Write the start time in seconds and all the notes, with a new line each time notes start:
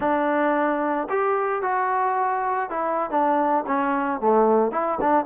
0.00 D4
1.09 G4
1.62 F#4
2.70 E4
3.10 D4
3.66 C#4
4.20 A3
4.71 E4
5.00 D4